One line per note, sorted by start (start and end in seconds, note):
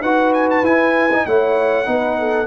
0.00 0.62 D#4
0.00 0.64 F#4
0.00 1.25 B4
0.00 0.33 F#5
0.33 0.49 G#5
0.50 0.65 A5
0.62 1.24 E4
0.62 1.10 E4
0.62 1.26 G#5
1.12 1.27 D#4
1.26 1.87 A3
1.26 1.85 E4
1.26 1.88 C#5
1.26 2.46 F#5
1.85 2.46 B3
1.85 2.46 D#4
1.85 2.19 B4
2.19 2.46 A4